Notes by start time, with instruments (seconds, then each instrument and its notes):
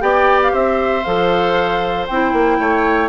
0.00 bassoon B3, clarinet G4, oboe D5, flute G5
0.43 flute F5
0.52 bassoon C4, oboe C5, flute E5
1.04 bassoon F3, clarinet A4, flute F5
2.07 bassoon C4, clarinet E4, flute G5
2.33 bassoon A#3
2.60 bassoon A3, oboe C#5